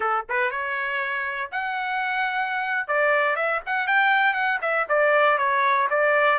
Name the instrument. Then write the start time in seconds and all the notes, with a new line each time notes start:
trumpet
0.00 A4
0.29 B4
0.50 C#5
1.51 F#5
2.88 D5
3.35 E5
3.65 F#5
3.87 G5
4.33 F#5
4.61 E5
4.88 D5
5.38 C#5
5.90 D5